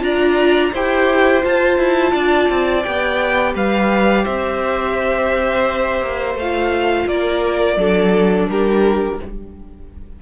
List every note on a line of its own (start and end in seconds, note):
0.00 0.72 D4
0.00 0.71 F4
0.00 0.72 D5
0.00 0.73 A#5
0.72 1.44 E4
0.72 1.42 G4
0.72 2.12 C5
0.72 1.44 G5
1.42 2.83 F4
1.42 1.78 F4
1.42 2.82 A5
1.78 2.13 E4
2.12 2.49 D4
2.12 3.53 D5
2.49 2.85 C4
2.82 3.55 B3
2.82 6.38 G4
2.82 3.53 G5
3.54 4.25 G3
3.54 4.24 B4
3.54 4.25 F5
4.24 6.02 C4
4.24 7.06 C5
4.24 6.37 E5
6.02 6.34 A#3
6.34 7.05 A3
6.34 7.08 F5
6.41 7.77 F4
7.06 7.76 A#3
7.06 7.78 A#4
7.06 8.49 D5
7.76 8.47 F#3
7.76 9.19 D4
7.76 8.49 A4
8.49 9.19 G3
8.49 9.22 G4
8.49 9.20 A#4